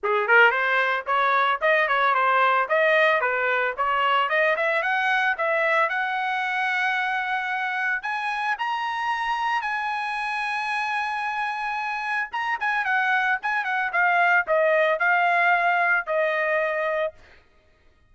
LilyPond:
\new Staff \with { instrumentName = "trumpet" } { \time 4/4 \tempo 4 = 112 gis'8 ais'8 c''4 cis''4 dis''8 cis''8 | c''4 dis''4 b'4 cis''4 | dis''8 e''8 fis''4 e''4 fis''4~ | fis''2. gis''4 |
ais''2 gis''2~ | gis''2. ais''8 gis''8 | fis''4 gis''8 fis''8 f''4 dis''4 | f''2 dis''2 | }